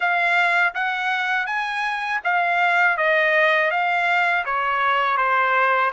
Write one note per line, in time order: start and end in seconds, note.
0.00 0.74 F5
0.74 1.46 F#5
1.46 2.20 G#5
2.24 2.97 F5
2.97 3.70 D#5
3.70 4.44 F5
4.45 5.17 C#5
5.17 5.91 C5